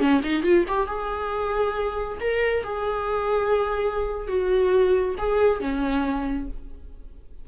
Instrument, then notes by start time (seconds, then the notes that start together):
viola
0.00 C#4
0.24 D#4
0.43 F4
0.69 G4
0.87 G#4
2.21 A#4
2.64 G#4
4.28 F#4
5.18 G#4
5.61 C#4